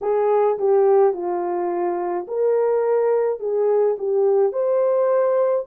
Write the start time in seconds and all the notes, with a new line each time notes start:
0.01 G#4
0.58 G4
1.13 F4
2.27 A#4
3.40 G#4
3.98 G4
4.52 C5